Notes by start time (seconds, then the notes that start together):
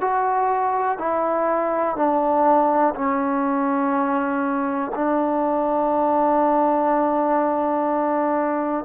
0.00 F#4
0.98 E4
1.96 D4
2.95 C#4
4.94 D4